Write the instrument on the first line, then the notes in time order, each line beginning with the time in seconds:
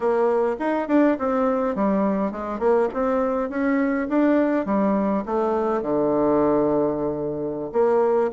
bassoon
0.00 A#3
0.59 D#4
0.88 D4
1.18 C4
1.75 G3
2.31 G#3
2.59 A#3
2.93 C4
3.49 C#4
4.08 D4
4.65 G3
5.25 A3
5.81 D3
7.72 A#3